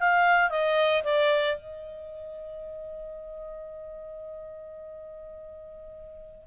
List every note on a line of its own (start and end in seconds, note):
0.00 0.50 F5
0.50 1.03 D#5
1.04 1.57 D5
1.57 6.47 D#5